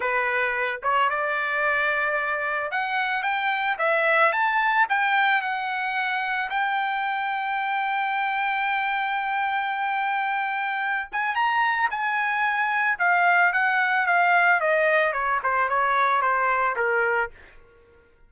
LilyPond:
\new Staff \with { instrumentName = "trumpet" } { \time 4/4 \tempo 4 = 111 b'4. cis''8 d''2~ | d''4 fis''4 g''4 e''4 | a''4 g''4 fis''2 | g''1~ |
g''1~ | g''8 gis''8 ais''4 gis''2 | f''4 fis''4 f''4 dis''4 | cis''8 c''8 cis''4 c''4 ais'4 | }